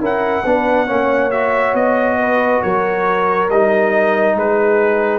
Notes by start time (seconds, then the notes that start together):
0.00 C#4 E4 A#4 F#5
0.45 B3 D4 B4
0.86 A#3 C#4 C#5
1.31 F#4 E5
1.73 B3 D#5
2.19 B4
2.62 F#3 A#4 C#5
3.49 G3 D#4 D#5
4.35 G#3 G#4 B4